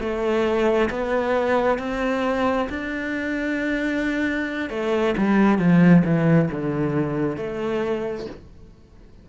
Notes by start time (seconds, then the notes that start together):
0.00 A3
0.90 B3
1.79 C4
2.69 D4
4.70 A3
5.17 G3
5.58 F3
6.04 E3
6.51 D3
7.37 A3